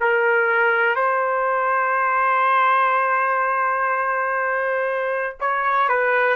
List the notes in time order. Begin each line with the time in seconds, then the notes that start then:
0.00 A#4
0.95 C5
5.40 C#5
5.89 B4